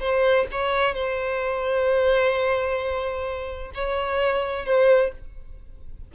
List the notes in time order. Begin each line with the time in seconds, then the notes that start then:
0.00 C5
0.51 C#5
0.94 C5
3.74 C#5
4.66 C5